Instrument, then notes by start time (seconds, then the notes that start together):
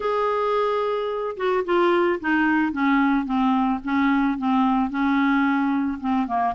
clarinet
0.00 G#4
1.36 F#4
1.65 F4
2.20 D#4
2.72 C#4
3.25 C4
3.84 C#4
4.38 C4
4.89 C#4
6.00 C4
6.27 A#3